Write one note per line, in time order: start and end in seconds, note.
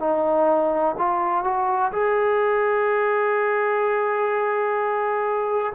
0.00 0.95 D#4
0.98 1.44 F4
1.44 1.92 F#4
1.92 5.73 G#4